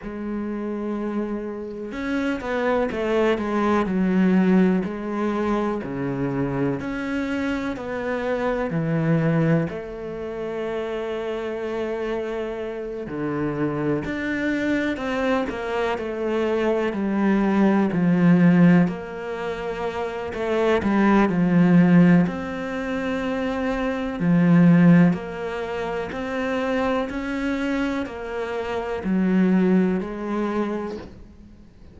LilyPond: \new Staff \with { instrumentName = "cello" } { \time 4/4 \tempo 4 = 62 gis2 cis'8 b8 a8 gis8 | fis4 gis4 cis4 cis'4 | b4 e4 a2~ | a4. d4 d'4 c'8 |
ais8 a4 g4 f4 ais8~ | ais4 a8 g8 f4 c'4~ | c'4 f4 ais4 c'4 | cis'4 ais4 fis4 gis4 | }